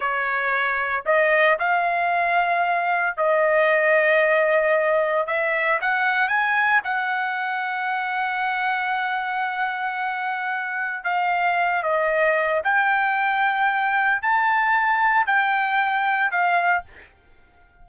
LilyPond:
\new Staff \with { instrumentName = "trumpet" } { \time 4/4 \tempo 4 = 114 cis''2 dis''4 f''4~ | f''2 dis''2~ | dis''2 e''4 fis''4 | gis''4 fis''2.~ |
fis''1~ | fis''4 f''4. dis''4. | g''2. a''4~ | a''4 g''2 f''4 | }